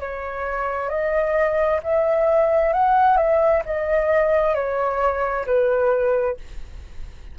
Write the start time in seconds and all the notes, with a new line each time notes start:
0.00 C#5
0.89 D#5
1.83 E5
2.73 F#5
3.17 E5
3.65 D#5
4.55 C#5
5.46 B4